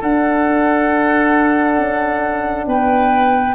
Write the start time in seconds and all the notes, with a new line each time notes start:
0.00 D4 A4 F#5
1.78 C#4
2.66 B3 B4 G5